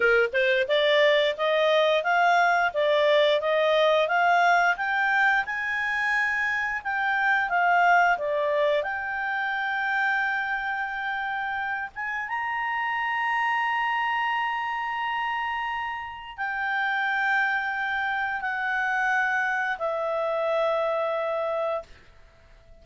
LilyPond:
\new Staff \with { instrumentName = "clarinet" } { \time 4/4 \tempo 4 = 88 ais'8 c''8 d''4 dis''4 f''4 | d''4 dis''4 f''4 g''4 | gis''2 g''4 f''4 | d''4 g''2.~ |
g''4. gis''8 ais''2~ | ais''1 | g''2. fis''4~ | fis''4 e''2. | }